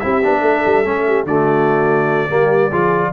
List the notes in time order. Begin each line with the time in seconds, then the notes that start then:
0.00 C4 E4 G4 E5
0.24 B3 D4
0.41 A3 A4
0.66 G3
0.85 A3 C#4
1.07 G4
1.24 D3 A3 F#4 D5
2.29 G3 A#3 G4
2.69 F3 F4 G#4